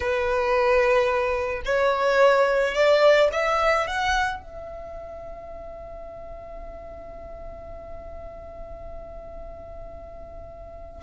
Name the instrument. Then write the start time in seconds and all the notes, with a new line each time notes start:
violin
0.00 B4
1.65 C#5
2.74 D5
3.32 E5
3.87 F#5
4.42 E5